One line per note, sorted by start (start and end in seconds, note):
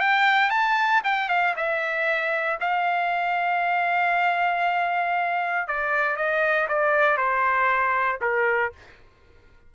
0.00 0.50 G5
0.50 1.01 A5
1.04 1.29 G5
1.29 1.55 F5
1.56 2.59 E5
2.61 5.68 F5
5.68 6.17 D5
6.17 6.68 D#5
6.69 7.17 D5
7.17 8.20 C5
8.21 8.72 A#4